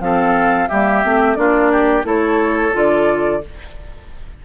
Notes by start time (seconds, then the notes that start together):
0.00 F3 C4 A4 F5
0.68 G3 A#3 G4 E5
1.04 A3 C4
1.35 A#3 D4 F4 D5
1.72 G4
2.03 A3 E4 A4 C#5
2.73 D3 F4 D5